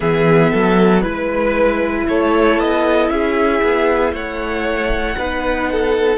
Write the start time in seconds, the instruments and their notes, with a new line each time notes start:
0.00 cello E3, viola B3, violin G#4 E5
0.50 cello F#3, violin A4
1.01 cello G#3, viola E4, violin B4
2.08 cello A3, violin A4 C#5
2.59 cello B3, violin D#5
3.09 cello C#4, violin G#4 E5
3.63 cello B3
4.12 cello A3, violin C#5 F#5
5.17 cello B3, viola D#4, violin B4
5.72 violin A4